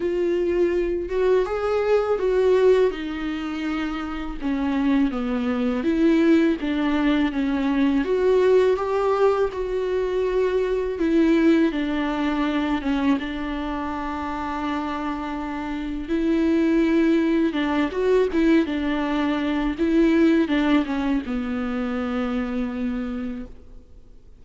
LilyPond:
\new Staff \with { instrumentName = "viola" } { \time 4/4 \tempo 4 = 82 f'4. fis'8 gis'4 fis'4 | dis'2 cis'4 b4 | e'4 d'4 cis'4 fis'4 | g'4 fis'2 e'4 |
d'4. cis'8 d'2~ | d'2 e'2 | d'8 fis'8 e'8 d'4. e'4 | d'8 cis'8 b2. | }